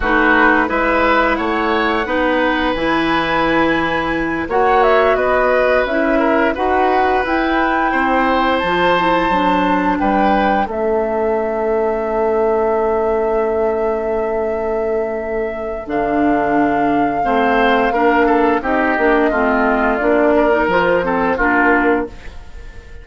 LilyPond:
<<
  \new Staff \with { instrumentName = "flute" } { \time 4/4 \tempo 4 = 87 b'4 e''4 fis''2 | gis''2~ gis''8 fis''8 e''8 dis''8~ | dis''8 e''4 fis''4 g''4.~ | g''8 a''2 g''4 e''8~ |
e''1~ | e''2. f''4~ | f''2. dis''4~ | dis''4 d''4 c''4 ais'4 | }
  \new Staff \with { instrumentName = "oboe" } { \time 4/4 fis'4 b'4 cis''4 b'4~ | b'2~ b'8 cis''4 b'8~ | b'4 ais'8 b'2 c''8~ | c''2~ c''8 b'4 a'8~ |
a'1~ | a'1~ | a'4 c''4 ais'8 a'8 g'4 | f'4. ais'4 a'8 f'4 | }
  \new Staff \with { instrumentName = "clarinet" } { \time 4/4 dis'4 e'2 dis'4 | e'2~ e'8 fis'4.~ | fis'8 e'4 fis'4 e'4.~ | e'8 f'8 e'8 d'2 cis'8~ |
cis'1~ | cis'2. d'4~ | d'4 c'4 d'4 dis'8 d'8 | c'4 d'8. dis'16 f'8 c'8 d'4 | }
  \new Staff \with { instrumentName = "bassoon" } { \time 4/4 a4 gis4 a4 b4 | e2~ e8 ais4 b8~ | b8 cis'4 dis'4 e'4 c'8~ | c'8 f4 fis4 g4 a8~ |
a1~ | a2. d4~ | d4 a4 ais4 c'8 ais8 | a4 ais4 f4 ais4 | }
>>